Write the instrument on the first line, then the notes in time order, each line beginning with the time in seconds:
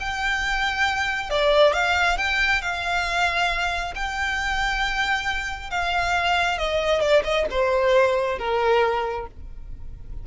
violin
0.00 G5
1.30 D5
1.73 F5
2.18 G5
2.61 F5
3.95 G5
5.71 F5
6.58 D#5
7.01 D5
7.24 D#5
7.50 C5
8.38 A#4